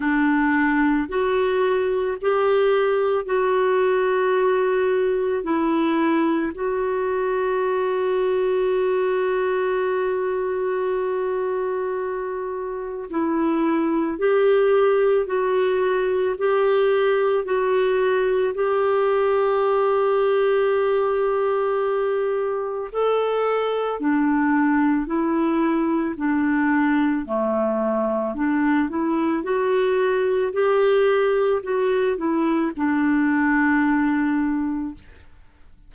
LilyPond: \new Staff \with { instrumentName = "clarinet" } { \time 4/4 \tempo 4 = 55 d'4 fis'4 g'4 fis'4~ | fis'4 e'4 fis'2~ | fis'1 | e'4 g'4 fis'4 g'4 |
fis'4 g'2.~ | g'4 a'4 d'4 e'4 | d'4 a4 d'8 e'8 fis'4 | g'4 fis'8 e'8 d'2 | }